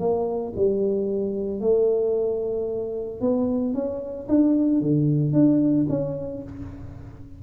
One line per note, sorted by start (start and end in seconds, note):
0.00 0.54 A#3
0.56 1.61 G3
1.61 3.21 A3
3.21 3.75 B3
3.75 4.28 C#4
4.29 4.81 D4
4.81 5.33 D3
5.33 5.87 D4
5.90 6.43 C#4